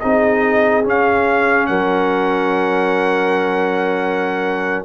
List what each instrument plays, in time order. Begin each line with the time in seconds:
0.00 tuba C4, trombone D#4, horn G#4, trumpet D#5
0.84 trombone C#4, tuba C#4, trumpet F5
1.67 tuba F#3, horn A#4, trumpet F#5